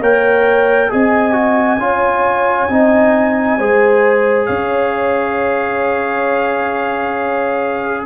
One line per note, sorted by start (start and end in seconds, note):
0.00 0.90 A#3
0.00 0.90 A#4
0.00 0.90 C#5
0.00 0.93 G5
0.90 1.78 C4
0.90 1.33 G#4
0.90 1.81 D#5
0.90 4.46 G#5
1.33 1.78 F#4
1.78 2.68 C#4
1.78 2.69 F4
1.78 2.73 C#5
2.69 3.59 C4
2.69 3.59 D#4
2.69 3.59 D#5
3.59 4.49 G#3
3.59 8.06 G#4
3.59 4.47 C5
4.46 8.06 C#4
4.46 8.05 C#5
4.46 8.04 F5